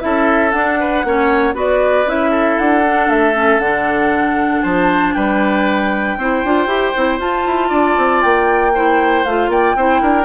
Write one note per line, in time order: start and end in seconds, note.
0.00 0.53 C#4
0.00 0.51 E4
0.00 0.80 A4
0.00 0.51 E5
0.51 1.04 D4
0.51 1.06 D4
0.51 1.54 F#5
0.80 1.06 B4
1.04 1.54 A#3
1.04 1.54 C#4
1.04 1.55 C#5
1.54 2.05 B3
1.54 2.05 F#4
1.54 2.31 B4
1.54 2.09 D5
2.06 2.58 C#4
2.06 2.84 E4
2.06 2.59 E5
2.31 4.61 A4
2.59 3.09 D4
2.59 3.10 F#5
2.87 3.35 D4
3.09 3.59 A3
3.09 3.60 E5
3.35 3.60 C#4
3.59 4.61 D3
3.59 6.19 D4
3.59 4.62 F#5
4.62 5.15 F3
4.62 5.14 C5
4.62 5.14 A5
5.14 6.18 G3
5.14 6.19 B4
5.14 7.19 G5
6.18 6.43 C4
6.18 6.45 E4
6.18 7.69 C5
6.44 6.67 D4
6.44 6.68 F4
6.67 6.92 E4
6.67 6.93 G4
6.96 7.19 C4
6.96 7.20 E4
7.19 7.45 F4
7.19 8.73 F4
7.19 8.22 A5
7.46 7.71 E4
7.69 7.96 D4
7.69 8.72 D5
7.98 8.23 C4
8.22 9.26 A#3
8.22 9.25 G5
8.75 9.26 E4
8.75 9.51 C5
9.25 9.48 A3
9.25 9.77 F4
9.25 9.50 F5
9.48 9.74 A#3
9.48 9.76 D5
9.48 10.25 G5
9.76 10.02 C4
9.76 10.25 E4
9.76 10.02 C5
10.02 10.25 D4
10.02 10.25 A#4